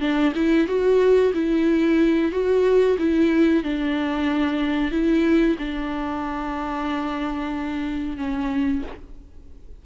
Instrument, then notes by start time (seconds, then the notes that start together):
viola
0.00 D4
0.35 E4
0.67 F#4
1.34 E4
2.31 F#4
2.98 E4
3.63 D4
4.91 E4
5.58 D4
8.17 C#4